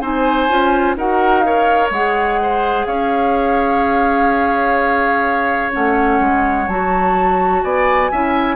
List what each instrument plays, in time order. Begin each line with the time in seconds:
0.00 bassoon C4, clarinet D#4, oboe C5, flute G#5
0.48 bassoon C#4, clarinet F4
0.95 bassoon D#4, clarinet F#4, oboe A#4, flute F#5
1.40 clarinet A#4, oboe C#5, flute F5
1.90 bassoon G#3, clarinet G#4, flute F#5
2.41 oboe C5
2.86 bassoon C#4, oboe C#5, flute F5
5.72 bassoon A3, clarinet C#4, flute F#5
6.20 bassoon G#3
6.67 bassoon F#3, clarinet F#4, flute A5
7.63 bassoon B3, oboe D5, flute G#5
8.11 bassoon C#4, clarinet E4, oboe E5